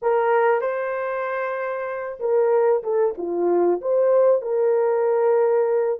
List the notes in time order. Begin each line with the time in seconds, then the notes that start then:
0.01 A#4
0.61 C5
2.19 A#4
2.83 A4
3.17 F4
3.81 C5
4.41 A#4